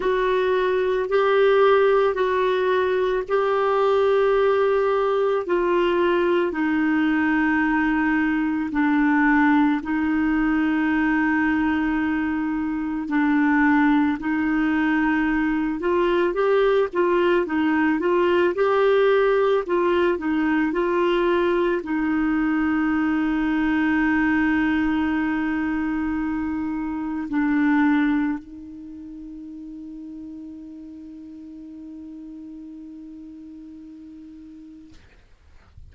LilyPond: \new Staff \with { instrumentName = "clarinet" } { \time 4/4 \tempo 4 = 55 fis'4 g'4 fis'4 g'4~ | g'4 f'4 dis'2 | d'4 dis'2. | d'4 dis'4. f'8 g'8 f'8 |
dis'8 f'8 g'4 f'8 dis'8 f'4 | dis'1~ | dis'4 d'4 dis'2~ | dis'1 | }